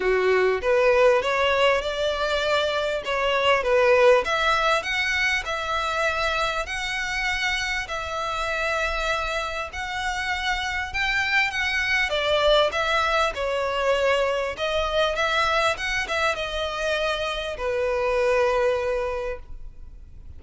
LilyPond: \new Staff \with { instrumentName = "violin" } { \time 4/4 \tempo 4 = 99 fis'4 b'4 cis''4 d''4~ | d''4 cis''4 b'4 e''4 | fis''4 e''2 fis''4~ | fis''4 e''2. |
fis''2 g''4 fis''4 | d''4 e''4 cis''2 | dis''4 e''4 fis''8 e''8 dis''4~ | dis''4 b'2. | }